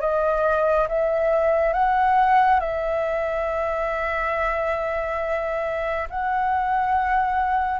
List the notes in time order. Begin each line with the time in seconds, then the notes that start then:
0.00 D#5
0.88 E5
1.73 F#5
2.60 E5
6.09 F#5